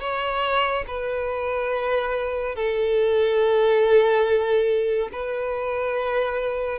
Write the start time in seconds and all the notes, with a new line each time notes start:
0.00 C#5
0.87 B4
2.55 A4
5.12 B4